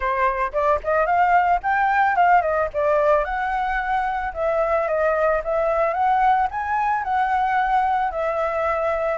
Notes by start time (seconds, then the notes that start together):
0.00 C5
0.52 D5
0.83 D#5
1.06 F5
1.62 G5
2.16 F5
2.41 D#5
2.73 D5
3.24 F#5
4.33 E5
4.87 D#5
5.43 E5
5.93 F#5
6.50 G#5
7.03 F#5
8.11 E5